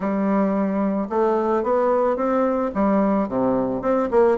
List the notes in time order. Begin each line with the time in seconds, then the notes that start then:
0.00 G3
1.09 A3
1.63 B3
2.16 C4
2.74 G3
3.28 C3
3.81 C4
4.10 A#3